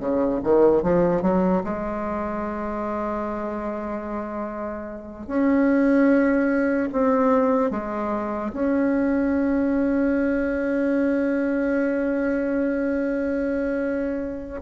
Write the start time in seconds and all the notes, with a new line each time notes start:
0.00 C#3
0.43 D#3
0.83 F3
1.22 F#3
1.64 G#3
5.27 C#4
6.93 C4
7.71 G#3
8.53 C#4